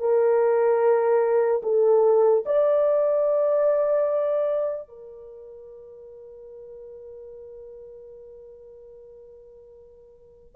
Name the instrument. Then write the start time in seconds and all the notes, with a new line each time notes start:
horn
0.00 A#4
1.63 A4
2.46 D5
4.89 A#4